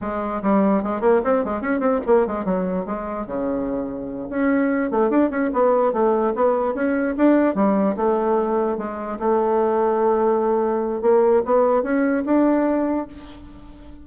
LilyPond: \new Staff \with { instrumentName = "bassoon" } { \time 4/4 \tempo 4 = 147 gis4 g4 gis8 ais8 c'8 gis8 | cis'8 c'8 ais8 gis8 fis4 gis4 | cis2~ cis8 cis'4. | a8 d'8 cis'8 b4 a4 b8~ |
b8 cis'4 d'4 g4 a8~ | a4. gis4 a4.~ | a2. ais4 | b4 cis'4 d'2 | }